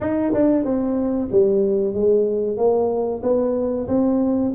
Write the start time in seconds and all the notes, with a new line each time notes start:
0.01 D#4
0.33 D4
0.64 C4
1.31 G3
1.94 G#3
2.57 A#3
3.22 B3
3.87 C4